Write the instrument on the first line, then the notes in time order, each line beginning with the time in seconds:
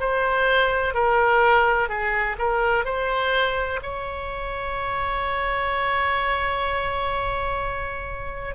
oboe
0.00 C5
0.94 A#4
1.89 G#4
2.39 A#4
2.85 C5
3.83 C#5